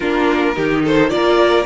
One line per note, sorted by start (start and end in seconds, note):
0.00 0.56 A#3
0.00 0.55 D4
0.00 0.55 F4
0.00 0.83 A#4
0.55 1.11 D#3
0.55 1.08 D#4
0.55 0.83 G4
0.84 1.11 A4
0.84 1.09 C5
1.08 1.65 A#3
1.08 1.63 F4
1.08 1.65 D5
1.14 1.65 A#4